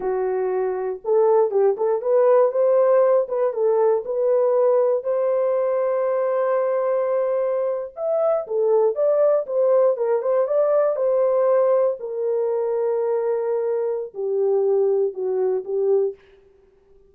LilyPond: \new Staff \with { instrumentName = "horn" } { \time 4/4 \tempo 4 = 119 fis'2 a'4 g'8 a'8 | b'4 c''4. b'8 a'4 | b'2 c''2~ | c''2.~ c''8. e''16~ |
e''8. a'4 d''4 c''4 ais'16~ | ais'16 c''8 d''4 c''2 ais'16~ | ais'1 | g'2 fis'4 g'4 | }